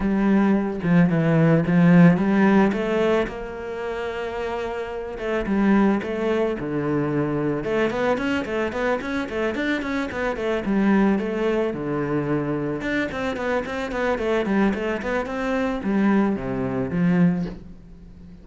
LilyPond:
\new Staff \with { instrumentName = "cello" } { \time 4/4 \tempo 4 = 110 g4. f8 e4 f4 | g4 a4 ais2~ | ais4. a8 g4 a4 | d2 a8 b8 cis'8 a8 |
b8 cis'8 a8 d'8 cis'8 b8 a8 g8~ | g8 a4 d2 d'8 | c'8 b8 c'8 b8 a8 g8 a8 b8 | c'4 g4 c4 f4 | }